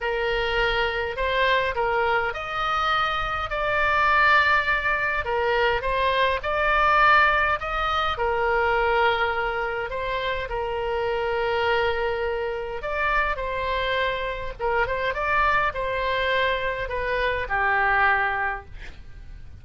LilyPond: \new Staff \with { instrumentName = "oboe" } { \time 4/4 \tempo 4 = 103 ais'2 c''4 ais'4 | dis''2 d''2~ | d''4 ais'4 c''4 d''4~ | d''4 dis''4 ais'2~ |
ais'4 c''4 ais'2~ | ais'2 d''4 c''4~ | c''4 ais'8 c''8 d''4 c''4~ | c''4 b'4 g'2 | }